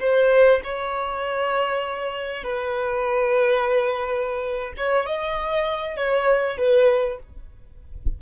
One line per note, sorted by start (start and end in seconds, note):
0.00 0.61 C5
0.64 2.44 C#5
2.44 4.73 B4
4.77 5.07 C#5
5.07 5.97 D#5
5.97 6.58 C#5
6.58 7.19 B4